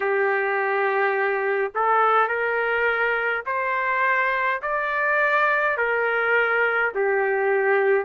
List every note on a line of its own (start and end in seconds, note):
0.00 1.72 G4
1.74 2.28 A4
2.28 3.43 A#4
3.46 4.61 C5
4.62 5.77 D5
5.77 6.92 A#4
6.94 8.05 G4